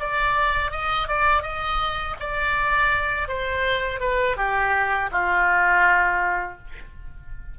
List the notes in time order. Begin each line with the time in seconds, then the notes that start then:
0.00 D5
0.72 D#5
1.08 D5
1.43 D#5
2.21 D5
3.29 C5
4.00 B4
4.37 G4
5.12 F4